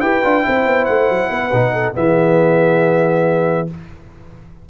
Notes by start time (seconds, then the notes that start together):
0.00 E4 G4 B4 G5
0.23 D4 F4
0.42 C4 E4 C5
0.66 B3
0.85 A3 F#5
1.09 F#3
1.30 B3 B4
1.53 B2 D#4
1.73 A4
1.94 E3 B3 G#4 E5